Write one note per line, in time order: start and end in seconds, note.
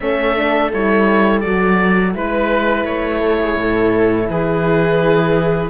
0.00 0.72 A3
0.00 0.36 C#4
0.00 2.15 A4
0.00 0.71 E5
0.36 0.72 D4
0.73 1.44 G3
0.73 1.42 E4
0.73 1.40 C#5
1.40 2.15 F#3
1.40 2.14 F#4
1.40 2.11 D5
2.14 2.84 G#3
2.14 5.69 E4
2.14 3.20 B4
2.14 2.85 B4
2.84 3.55 A3
2.84 4.28 C#5
3.20 3.38 A4
3.40 3.58 G#4
3.56 4.27 A2
3.56 4.30 A4
4.29 5.69 E3
4.29 5.69 G#4
4.29 5.69 B4